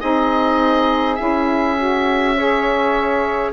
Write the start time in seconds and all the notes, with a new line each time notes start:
0.00 C4 D#4 G#4 D#5
1.15 C#4 E4 E5
1.77 F#4
2.37 G#4 C#5